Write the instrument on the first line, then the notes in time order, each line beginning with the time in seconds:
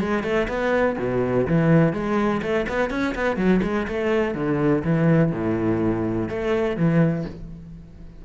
cello
0.00 G#3
0.23 A3
0.48 B3
0.98 B2
1.47 E3
1.93 G#3
2.42 A3
2.68 B3
2.90 C#4
3.15 B3
3.36 F#3
3.63 G#3
3.88 A3
4.35 D3
4.84 E3
5.32 A2
6.29 A3
6.76 E3